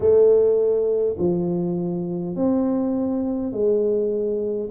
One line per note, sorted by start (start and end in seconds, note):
0.00 1.16 A3
1.18 2.35 F3
2.35 3.52 C4
3.52 4.70 G#3